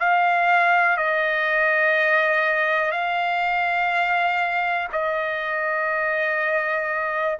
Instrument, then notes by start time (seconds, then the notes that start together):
trumpet
0.00 F5
0.97 D#5
2.92 F5
4.93 D#5